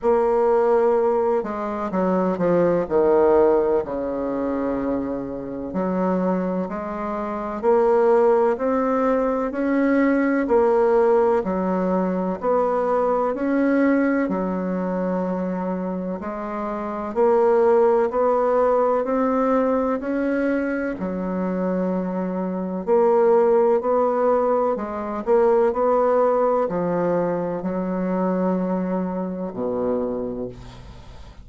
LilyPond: \new Staff \with { instrumentName = "bassoon" } { \time 4/4 \tempo 4 = 63 ais4. gis8 fis8 f8 dis4 | cis2 fis4 gis4 | ais4 c'4 cis'4 ais4 | fis4 b4 cis'4 fis4~ |
fis4 gis4 ais4 b4 | c'4 cis'4 fis2 | ais4 b4 gis8 ais8 b4 | f4 fis2 b,4 | }